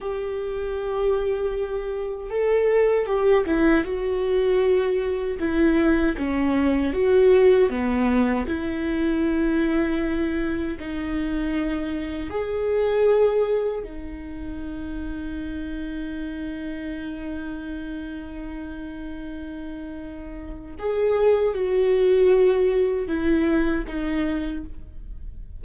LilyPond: \new Staff \with { instrumentName = "viola" } { \time 4/4 \tempo 4 = 78 g'2. a'4 | g'8 e'8 fis'2 e'4 | cis'4 fis'4 b4 e'4~ | e'2 dis'2 |
gis'2 dis'2~ | dis'1~ | dis'2. gis'4 | fis'2 e'4 dis'4 | }